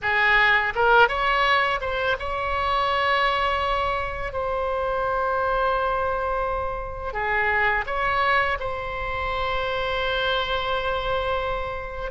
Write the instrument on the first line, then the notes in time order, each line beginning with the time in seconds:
oboe
0.02 G#4
0.75 A#4
1.08 C#5
1.81 C5
2.19 C#5
4.32 C5
7.13 G#4
7.86 C#5
8.59 C5